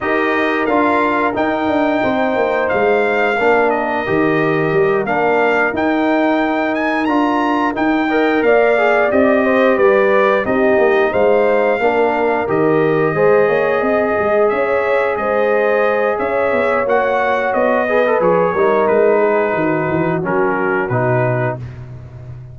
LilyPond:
<<
  \new Staff \with { instrumentName = "trumpet" } { \time 4/4 \tempo 4 = 89 dis''4 f''4 g''2 | f''4. dis''2 f''8~ | f''8 g''4. gis''8 ais''4 g''8~ | g''8 f''4 dis''4 d''4 dis''8~ |
dis''8 f''2 dis''4.~ | dis''4. e''4 dis''4. | e''4 fis''4 dis''4 cis''4 | b'2 ais'4 b'4 | }
  \new Staff \with { instrumentName = "horn" } { \time 4/4 ais'2. c''4~ | c''4 ais'2.~ | ais'1 | dis''8 d''4. c''8 b'4 g'8~ |
g'8 c''4 ais'2 c''8 | cis''8 dis''4 cis''4 c''4. | cis''2~ cis''8 b'4 ais'8~ | ais'8 gis'8 fis'2. | }
  \new Staff \with { instrumentName = "trombone" } { \time 4/4 g'4 f'4 dis'2~ | dis'4 d'4 g'4. d'8~ | d'8 dis'2 f'4 dis'8 | ais'4 gis'8 g'2 dis'8~ |
dis'4. d'4 g'4 gis'8~ | gis'1~ | gis'4 fis'4. gis'16 a'16 gis'8 dis'8~ | dis'2 cis'4 dis'4 | }
  \new Staff \with { instrumentName = "tuba" } { \time 4/4 dis'4 d'4 dis'8 d'8 c'8 ais8 | gis4 ais4 dis4 g8 ais8~ | ais8 dis'2 d'4 dis'8~ | dis'8 ais4 c'4 g4 c'8 |
ais8 gis4 ais4 dis4 gis8 | ais8 c'8 gis8 cis'4 gis4. | cis'8 b8 ais4 b4 f8 g8 | gis4 dis8 e8 fis4 b,4 | }
>>